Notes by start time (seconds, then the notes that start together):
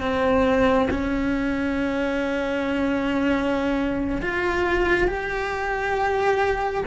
0.00 C4
0.90 C#4
4.22 F4
5.07 G4